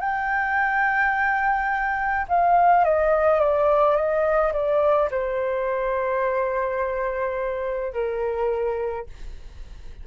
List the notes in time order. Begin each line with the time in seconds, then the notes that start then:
0.00 G5
2.28 F5
2.85 D#5
3.40 D5
3.96 D#5
4.53 D5
5.11 C5
7.93 A#4